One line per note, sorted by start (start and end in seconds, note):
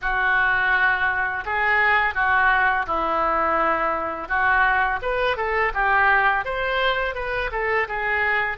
0.01 1.44 F#4
1.45 2.14 G#4
2.14 2.86 F#4
2.86 4.28 E4
4.28 4.99 F#4
5.02 5.36 B4
5.36 5.72 A4
5.74 6.44 G4
6.44 7.14 C5
7.14 7.50 B4
7.51 7.87 A4
7.88 8.57 G#4